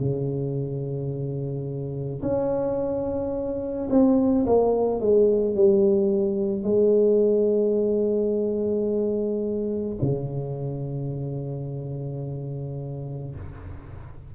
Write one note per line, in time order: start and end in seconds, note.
0.00 2.22 C#3
2.22 3.89 C#4
3.90 4.46 C4
4.46 5.01 A#3
5.01 5.56 G#3
5.56 6.64 G3
6.64 9.97 G#3
10.02 13.35 C#3